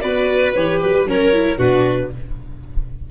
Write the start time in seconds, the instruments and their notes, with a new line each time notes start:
0.00 tuba B3, viola F#4, violin B4, clarinet D5
0.55 tuba E3, viola G4, clarinet C#5
0.82 tuba F#3, clarinet B4
0.93 tuba G3
1.05 tuba F#3, viola C#4, violin A#4, clarinet C#5
1.33 viola E4
1.58 tuba B2, viola D4, violin F#4, clarinet B4